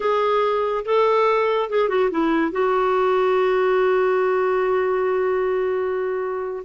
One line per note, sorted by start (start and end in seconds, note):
0.00 0.84 G#4
0.85 1.69 A4
1.69 1.88 G#4
1.88 2.10 F#4
2.10 2.51 E4
2.51 6.63 F#4